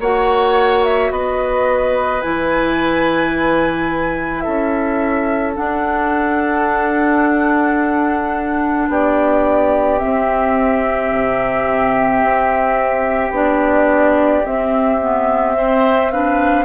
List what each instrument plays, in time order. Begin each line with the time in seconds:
0.00 bassoon A#3, clarinet F#4, oboe C#5, flute F#5
0.84 flute E5
1.11 bassoon B3, oboe B4, flute D#5
2.22 bassoon E3, clarinet E4, flute G#5
4.41 bassoon C#4, oboe A4, flute E5
5.55 clarinet D4, bassoon D4, flute F#5
8.89 bassoon B3, oboe G4, flute D5
9.99 clarinet C4, bassoon C4, flute E5
11.12 bassoon C3
12.23 bassoon C4
13.31 bassoon B3, clarinet D4, flute D5
14.45 clarinet C4, bassoon C4, flute E5
15.01 clarinet B3
15.56 clarinet C4, oboe C5
16.11 clarinet D4, oboe B4, flute F5